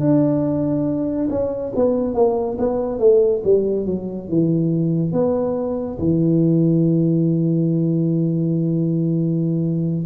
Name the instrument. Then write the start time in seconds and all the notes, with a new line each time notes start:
tuba
0.00 D4
1.30 C#4
1.75 B3
2.14 A#3
2.58 B3
2.99 A3
3.44 G3
3.86 F#3
4.29 E3
5.13 B3
5.99 E3